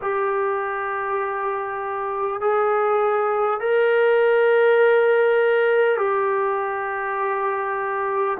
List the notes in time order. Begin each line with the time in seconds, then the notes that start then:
0.01 G4
2.41 G#4
3.59 A#4
5.97 G4